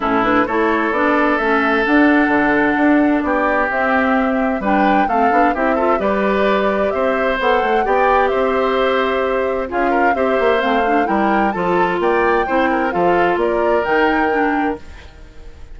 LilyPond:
<<
  \new Staff \with { instrumentName = "flute" } { \time 4/4 \tempo 4 = 130 a'8 b'8 cis''4 d''4 e''4 | fis''2. d''4 | e''2 g''4 f''4 | e''4 d''2 e''4 |
fis''4 g''4 e''2~ | e''4 f''4 e''4 f''4 | g''4 a''4 g''2 | f''4 d''4 g''2 | }
  \new Staff \with { instrumentName = "oboe" } { \time 4/4 e'4 a'2.~ | a'2. g'4~ | g'2 b'4 a'4 | g'8 a'8 b'2 c''4~ |
c''4 d''4 c''2~ | c''4 gis'8 ais'8 c''2 | ais'4 a'4 d''4 c''8 ais'8 | a'4 ais'2. | }
  \new Staff \with { instrumentName = "clarinet" } { \time 4/4 cis'8 d'8 e'4 d'4 cis'4 | d'1 | c'2 d'4 c'8 d'8 | e'8 f'8 g'2. |
a'4 g'2.~ | g'4 f'4 g'4 c'8 d'8 | e'4 f'2 e'4 | f'2 dis'4 d'4 | }
  \new Staff \with { instrumentName = "bassoon" } { \time 4/4 a,4 a4 b4 a4 | d'4 d4 d'4 b4 | c'2 g4 a8 b8 | c'4 g2 c'4 |
b8 a8 b4 c'2~ | c'4 cis'4 c'8 ais8 a4 | g4 f4 ais4 c'4 | f4 ais4 dis2 | }
>>